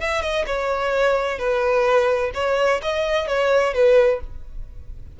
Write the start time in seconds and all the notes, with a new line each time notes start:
0.00 E5
0.21 D#5
0.46 C#5
1.38 B4
2.34 C#5
2.82 D#5
3.27 C#5
3.74 B4